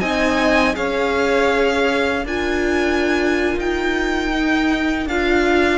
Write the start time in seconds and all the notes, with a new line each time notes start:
0.00 C4 D#4 D#5 G#5
0.73 C#4 G#4 C#5 F5
2.25 D4 F4 A#4 G#5
3.58 D#4 G5
4.32 D#4
5.06 D4 F4 F5